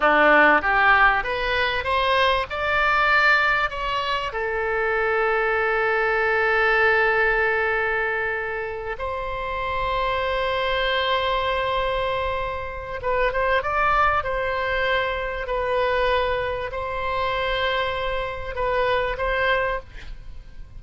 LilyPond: \new Staff \with { instrumentName = "oboe" } { \time 4/4 \tempo 4 = 97 d'4 g'4 b'4 c''4 | d''2 cis''4 a'4~ | a'1~ | a'2~ a'8 c''4.~ |
c''1~ | c''4 b'8 c''8 d''4 c''4~ | c''4 b'2 c''4~ | c''2 b'4 c''4 | }